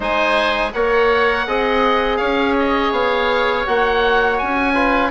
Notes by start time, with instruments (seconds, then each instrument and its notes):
0.00 bassoon G#3, trombone D#4, oboe C5 G#5
0.73 bassoon A#3, trombone A#4, oboe C#5 F#5
1.46 bassoon C4, trombone G#4, oboe D#5
2.16 bassoon C#4, oboe C#5 F5
2.59 oboe D#5
2.91 bassoon B3, oboe F5
3.66 bassoon A#3, trombone F#4, oboe F#5
4.37 bassoon C#4, oboe G#5
4.74 trombone F4, oboe B4